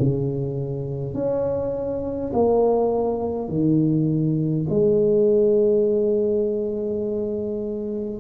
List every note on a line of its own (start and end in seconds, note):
0.00 1.14 C#3
1.14 2.32 C#4
2.33 3.49 A#3
3.49 4.66 D#3
4.70 8.20 G#3